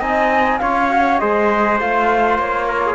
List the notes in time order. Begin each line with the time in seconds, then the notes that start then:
0.00 C4 D#4 D#5 G#5
0.59 C#4 F4 C#5 F5
0.91 F#4
1.19 G#3 G#4 C5 D#5
1.80 A3 F4 F5
2.39 A#3 C#5
2.68 A#4
2.86 G#4